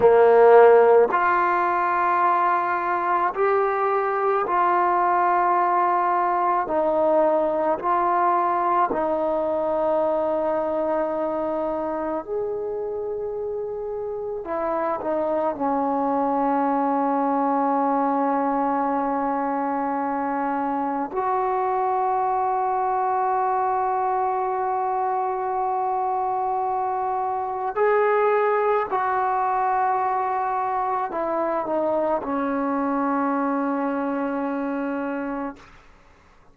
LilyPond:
\new Staff \with { instrumentName = "trombone" } { \time 4/4 \tempo 4 = 54 ais4 f'2 g'4 | f'2 dis'4 f'4 | dis'2. gis'4~ | gis'4 e'8 dis'8 cis'2~ |
cis'2. fis'4~ | fis'1~ | fis'4 gis'4 fis'2 | e'8 dis'8 cis'2. | }